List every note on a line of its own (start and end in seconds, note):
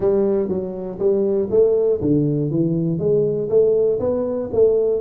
0.00 0.48 G3
0.48 0.98 F#3
0.98 1.48 G3
1.50 2.00 A3
2.01 2.50 D3
2.50 2.98 E3
2.98 3.48 G#3
3.49 3.99 A3
3.99 4.49 B3
4.52 5.00 A3